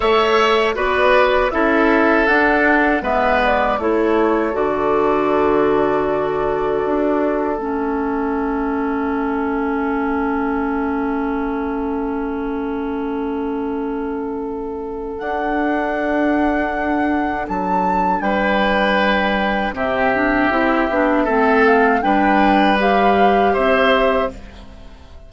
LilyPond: <<
  \new Staff \with { instrumentName = "flute" } { \time 4/4 \tempo 4 = 79 e''4 d''4 e''4 fis''4 | e''8 d''8 cis''4 d''2~ | d''2 e''2~ | e''1~ |
e''1 | fis''2. a''4 | g''2 e''2~ | e''8 f''8 g''4 f''4 e''4 | }
  \new Staff \with { instrumentName = "oboe" } { \time 4/4 cis''4 b'4 a'2 | b'4 a'2.~ | a'1~ | a'1~ |
a'1~ | a'1 | b'2 g'2 | a'4 b'2 c''4 | }
  \new Staff \with { instrumentName = "clarinet" } { \time 4/4 a'4 fis'4 e'4 d'4 | b4 e'4 fis'2~ | fis'2 cis'2~ | cis'1~ |
cis'1 | d'1~ | d'2 c'8 d'8 e'8 d'8 | c'4 d'4 g'2 | }
  \new Staff \with { instrumentName = "bassoon" } { \time 4/4 a4 b4 cis'4 d'4 | gis4 a4 d2~ | d4 d'4 a2~ | a1~ |
a1 | d'2. fis4 | g2 c4 c'8 b8 | a4 g2 c'4 | }
>>